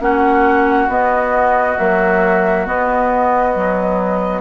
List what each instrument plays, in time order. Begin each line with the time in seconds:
0.00 bassoon A#3, clarinet C#4, oboe F#4, flute F#5
0.88 bassoon B3, clarinet B3, flute D#5
1.78 clarinet F#3, bassoon A#3, flute E5
2.67 clarinet B3, bassoon B3, flute D#5
3.54 clarinet F#3